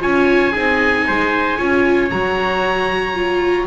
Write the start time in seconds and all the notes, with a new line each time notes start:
0.00 C#4 F4 C#5 G#5
0.52 C4 D#4 G#4
1.08 G#3 C5
1.58 C#4 F4 C#5
2.11 F#3 F#4 A#5
3.14 F4